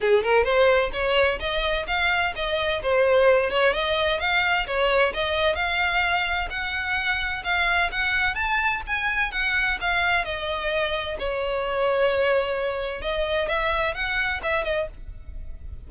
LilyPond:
\new Staff \with { instrumentName = "violin" } { \time 4/4 \tempo 4 = 129 gis'8 ais'8 c''4 cis''4 dis''4 | f''4 dis''4 c''4. cis''8 | dis''4 f''4 cis''4 dis''4 | f''2 fis''2 |
f''4 fis''4 a''4 gis''4 | fis''4 f''4 dis''2 | cis''1 | dis''4 e''4 fis''4 e''8 dis''8 | }